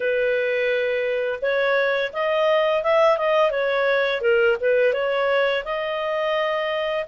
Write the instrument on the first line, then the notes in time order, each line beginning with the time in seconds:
clarinet
0.00 B4
1.41 C#5
2.12 D#5
2.83 E5
3.17 D#5
3.51 C#5
4.21 A#4
4.60 B4
4.93 C#5
5.64 D#5